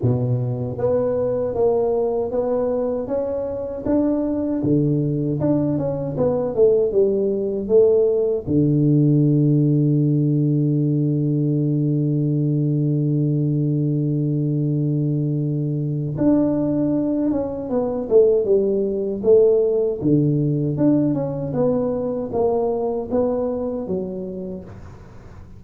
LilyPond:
\new Staff \with { instrumentName = "tuba" } { \time 4/4 \tempo 4 = 78 b,4 b4 ais4 b4 | cis'4 d'4 d4 d'8 cis'8 | b8 a8 g4 a4 d4~ | d1~ |
d1~ | d4 d'4. cis'8 b8 a8 | g4 a4 d4 d'8 cis'8 | b4 ais4 b4 fis4 | }